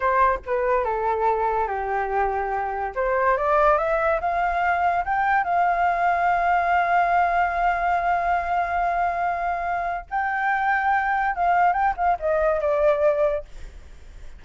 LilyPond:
\new Staff \with { instrumentName = "flute" } { \time 4/4 \tempo 4 = 143 c''4 b'4 a'2 | g'2. c''4 | d''4 e''4 f''2 | g''4 f''2.~ |
f''1~ | f''1 | g''2. f''4 | g''8 f''8 dis''4 d''2 | }